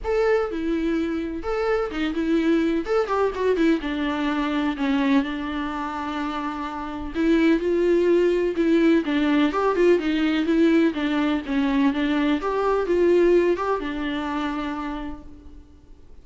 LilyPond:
\new Staff \with { instrumentName = "viola" } { \time 4/4 \tempo 4 = 126 a'4 e'2 a'4 | dis'8 e'4. a'8 g'8 fis'8 e'8 | d'2 cis'4 d'4~ | d'2. e'4 |
f'2 e'4 d'4 | g'8 f'8 dis'4 e'4 d'4 | cis'4 d'4 g'4 f'4~ | f'8 g'8 d'2. | }